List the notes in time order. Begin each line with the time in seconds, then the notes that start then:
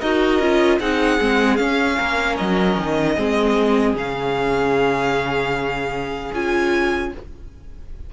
0.00 D#4 F#4 A#4 D#5
0.39 C#4 F4
0.79 C4 D#4 G#4 F#5
1.20 G#3 C4
1.57 C#4 F5
1.97 A#3 A#4
2.37 F#3 D#5
2.77 D#3
3.15 G#3 C4 G#4
3.94 C#3 C#4 F5
6.33 C#4 F4 G#5